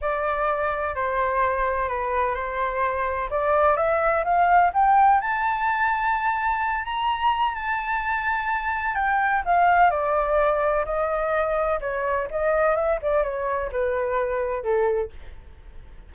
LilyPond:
\new Staff \with { instrumentName = "flute" } { \time 4/4 \tempo 4 = 127 d''2 c''2 | b'4 c''2 d''4 | e''4 f''4 g''4 a''4~ | a''2~ a''8 ais''4. |
a''2. g''4 | f''4 d''2 dis''4~ | dis''4 cis''4 dis''4 e''8 d''8 | cis''4 b'2 a'4 | }